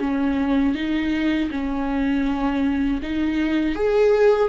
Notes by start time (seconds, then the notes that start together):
0.00 C#4
0.75 D#4
1.51 C#4
3.03 D#4
3.76 G#4